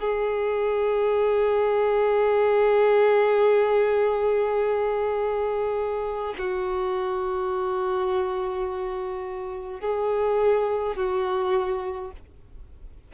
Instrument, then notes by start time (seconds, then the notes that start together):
violin
0.00 G#4
6.38 F#4
9.81 G#4
10.97 F#4